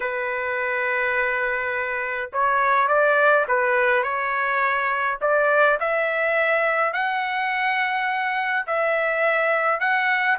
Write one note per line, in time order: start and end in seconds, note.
0.00 2.30 B4
2.33 2.88 C#5
2.88 3.45 D5
3.47 4.03 B4
4.03 5.18 C#5
5.21 5.78 D5
5.80 6.93 E5
6.93 8.66 F#5
8.67 9.80 E5
9.80 10.37 F#5